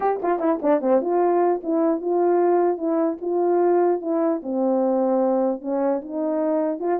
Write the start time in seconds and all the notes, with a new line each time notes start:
0.00 G4
0.22 F4
0.39 E4
0.62 D4
0.81 C4
1.01 F4
1.63 E4
2.01 F4
2.77 E4
3.21 F4
4.01 E4
4.43 C4
5.61 C#4
6.01 D#4
6.79 F4